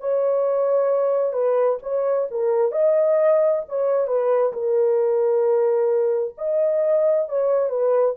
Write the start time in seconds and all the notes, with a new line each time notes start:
0.00 C#5
1.33 B4
1.82 C#5
2.31 A#4
2.71 D#5
3.68 C#5
4.07 B4
4.53 A#4
6.38 D#5
7.29 C#5
7.69 B4